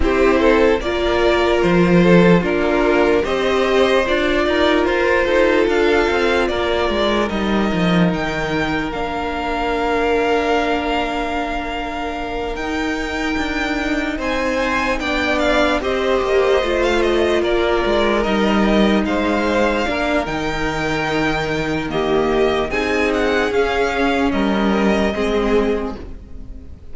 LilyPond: <<
  \new Staff \with { instrumentName = "violin" } { \time 4/4 \tempo 4 = 74 c''4 d''4 c''4 ais'4 | dis''4 d''4 c''4 f''4 | d''4 dis''4 g''4 f''4~ | f''2.~ f''8 g''8~ |
g''4. gis''4 g''8 f''8 dis''8~ | dis''8. f''16 dis''8 d''4 dis''4 f''8~ | f''4 g''2 dis''4 | gis''8 fis''8 f''4 dis''2 | }
  \new Staff \with { instrumentName = "violin" } { \time 4/4 g'8 a'8 ais'4. a'8 f'4 | c''4. ais'4 a'4. | ais'1~ | ais'1~ |
ais'4. c''4 d''4 c''8~ | c''4. ais'2 c''8~ | c''8 ais'2~ ais'8 g'4 | gis'2 ais'4 gis'4 | }
  \new Staff \with { instrumentName = "viola" } { \time 4/4 e'4 f'2 d'4 | g'4 f'2.~ | f'4 dis'2 d'4~ | d'2.~ d'8 dis'8~ |
dis'2~ dis'8 d'4 g'8~ | g'8 f'2 dis'4.~ | dis'8 d'8 dis'2 ais4 | dis'4 cis'2 c'4 | }
  \new Staff \with { instrumentName = "cello" } { \time 4/4 c'4 ais4 f4 ais4 | c'4 d'8 dis'8 f'8 dis'8 d'8 c'8 | ais8 gis8 g8 f8 dis4 ais4~ | ais2.~ ais8 dis'8~ |
dis'8 d'4 c'4 b4 c'8 | ais8 a4 ais8 gis8 g4 gis8~ | gis8 ais8 dis2. | c'4 cis'4 g4 gis4 | }
>>